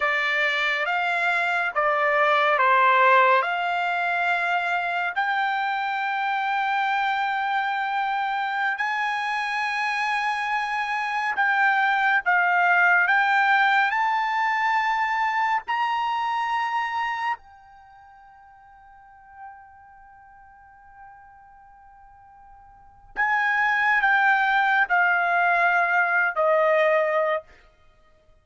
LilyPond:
\new Staff \with { instrumentName = "trumpet" } { \time 4/4 \tempo 4 = 70 d''4 f''4 d''4 c''4 | f''2 g''2~ | g''2~ g''16 gis''4.~ gis''16~ | gis''4~ gis''16 g''4 f''4 g''8.~ |
g''16 a''2 ais''4.~ ais''16~ | ais''16 g''2.~ g''8.~ | g''2. gis''4 | g''4 f''4.~ f''16 dis''4~ dis''16 | }